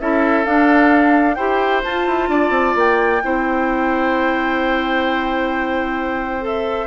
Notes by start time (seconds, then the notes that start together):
0.00 C#4 E4 A4 E5
0.45 D4 F5
1.35 E4 G4 C5 G5
1.84 F4 A5
2.06 E4
2.29 D4 D5
2.50 C4
2.75 A#3 G5
3.22 C4 E4 C5
6.41 A4 E5